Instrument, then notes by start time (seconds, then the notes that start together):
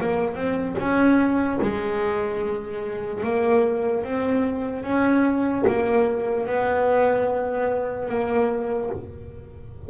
double bass
0.00 A#3
0.35 C4
0.79 C#4
1.62 G#3
3.24 A#3
4.04 C4
4.84 C#4
5.67 A#3
6.47 B3
8.09 A#3